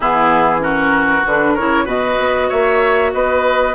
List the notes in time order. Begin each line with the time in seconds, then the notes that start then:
0.00 E3 B3 E4 G#4
0.59 C#4 F#4 A#4
1.25 D3 D4 B4
1.54 C#3 E4 A#4 C#5
1.84 B2 F#4 B4 D#5
2.19 B3
2.49 A#3 C#5 E5
3.12 B3 B4 D#5